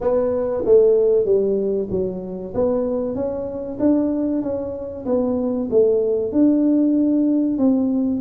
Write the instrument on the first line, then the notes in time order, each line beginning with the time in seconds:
tuba
0.01 B3
0.65 A3
1.25 G3
1.90 F#3
2.54 B3
3.15 C#4
3.79 D4
4.42 C#4
5.05 B3
5.70 A3
6.32 D4
7.58 C4